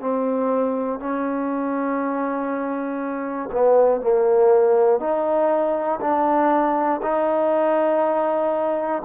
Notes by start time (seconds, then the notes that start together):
0.00 C4
1.00 C#4
3.51 B3
4.00 A#3
4.99 D#4
6.00 D4
7.02 D#4